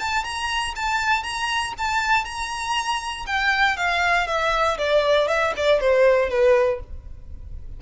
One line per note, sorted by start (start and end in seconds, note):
0.00 0.25 A5
0.25 0.75 A#5
0.76 1.24 A5
1.24 1.74 A#5
1.79 2.25 A5
2.25 3.26 A#5
3.27 3.77 G5
3.77 4.27 F5
4.27 4.78 E5
4.79 5.28 D5
5.28 5.53 E5
5.57 5.81 D5
5.81 6.30 C5
6.30 6.80 B4